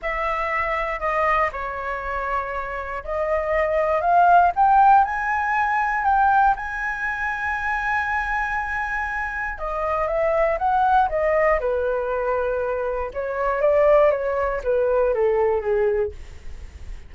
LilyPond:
\new Staff \with { instrumentName = "flute" } { \time 4/4 \tempo 4 = 119 e''2 dis''4 cis''4~ | cis''2 dis''2 | f''4 g''4 gis''2 | g''4 gis''2.~ |
gis''2. dis''4 | e''4 fis''4 dis''4 b'4~ | b'2 cis''4 d''4 | cis''4 b'4 a'4 gis'4 | }